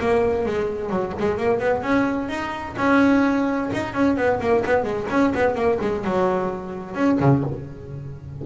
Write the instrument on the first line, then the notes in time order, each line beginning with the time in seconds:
double bass
0.00 A#3
0.46 G#3
0.90 F#3
1.19 G#3
1.38 A#3
1.60 B3
1.82 C#4
2.29 D#4
2.78 C#4
3.74 D#4
3.94 C#4
4.17 B3
4.41 A#3
4.66 B3
4.84 G#3
5.10 C#4
5.35 B3
5.55 A#3
5.81 G#3
6.05 F#3
6.95 C#4
7.20 C#3